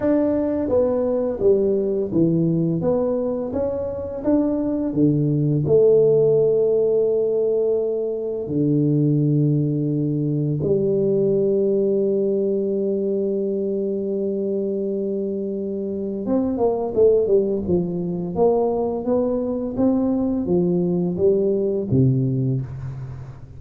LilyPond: \new Staff \with { instrumentName = "tuba" } { \time 4/4 \tempo 4 = 85 d'4 b4 g4 e4 | b4 cis'4 d'4 d4 | a1 | d2. g4~ |
g1~ | g2. c'8 ais8 | a8 g8 f4 ais4 b4 | c'4 f4 g4 c4 | }